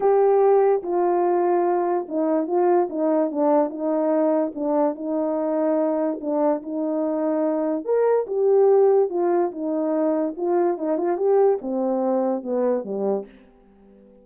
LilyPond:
\new Staff \with { instrumentName = "horn" } { \time 4/4 \tempo 4 = 145 g'2 f'2~ | f'4 dis'4 f'4 dis'4 | d'4 dis'2 d'4 | dis'2. d'4 |
dis'2. ais'4 | g'2 f'4 dis'4~ | dis'4 f'4 dis'8 f'8 g'4 | c'2 b4 g4 | }